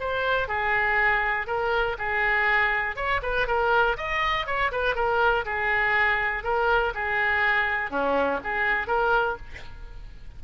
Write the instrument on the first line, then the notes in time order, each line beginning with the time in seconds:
oboe
0.00 C5
0.48 G#4
1.47 A#4
1.99 G#4
2.96 C#5
3.23 B4
3.47 A#4
3.97 D#5
4.47 C#5
4.72 B4
4.95 A#4
5.45 G#4
6.44 A#4
6.94 G#4
7.91 C#4
8.43 G#4
8.87 A#4